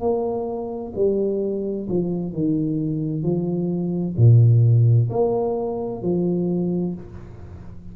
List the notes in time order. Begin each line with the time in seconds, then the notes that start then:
0.00 A#3
0.95 G3
1.89 F3
2.32 D#3
3.23 F3
4.17 A#2
5.09 A#3
6.02 F3